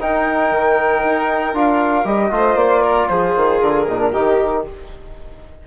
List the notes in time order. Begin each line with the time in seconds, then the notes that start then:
0.00 D#4 A#4 G5
0.51 D#3
1.04 D#4
1.54 D4 F4 F5
2.05 G3 G4 D#5
2.30 A3 F4 C5
2.55 A#3 D5
2.83 A#4
3.08 F3 G#4 C5
3.37 D#3
3.61 D3 A#4
3.88 A#2 D#4
3.99 D4
4.12 D#3 D#4 G4